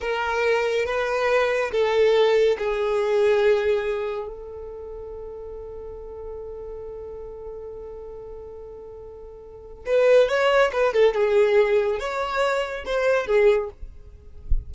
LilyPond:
\new Staff \with { instrumentName = "violin" } { \time 4/4 \tempo 4 = 140 ais'2 b'2 | a'2 gis'2~ | gis'2 a'2~ | a'1~ |
a'1~ | a'2. b'4 | cis''4 b'8 a'8 gis'2 | cis''2 c''4 gis'4 | }